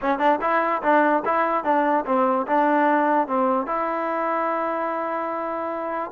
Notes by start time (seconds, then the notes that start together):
0.01 C#4
0.18 D4
0.41 E4
0.82 D4
1.25 E4
1.63 D4
2.05 C4
2.46 D4
3.27 C4
3.66 E4